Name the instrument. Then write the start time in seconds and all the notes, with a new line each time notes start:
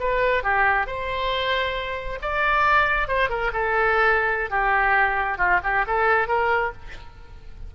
oboe
0.00 B4
0.44 G4
0.87 C5
2.22 D5
3.08 C5
3.29 A#4
3.53 A4
4.51 G4
5.38 F4
5.64 G4
5.87 A4
6.28 A#4